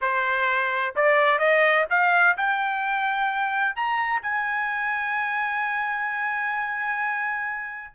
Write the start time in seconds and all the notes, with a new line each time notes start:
0.01 C5
0.95 D5
1.38 D#5
1.90 F5
2.37 G5
3.75 A#5
4.21 G#5